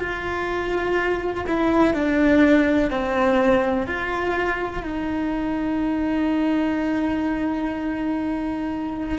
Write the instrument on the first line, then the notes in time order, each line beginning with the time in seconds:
cello
0.00 F4
1.47 E4
1.94 D4
2.91 C4
3.87 F4
4.83 D#4